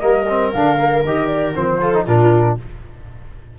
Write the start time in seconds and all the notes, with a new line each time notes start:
0.00 G3 A#3 A#4 D#5
0.29 C4
0.53 D3 D4 F5
0.78 A#3
1.05 D#3 G4 D#5
1.27 D5
1.55 F3 C4 C5
1.81 F4 A4
1.94 D#4
2.06 A#2 D4 F4 A#4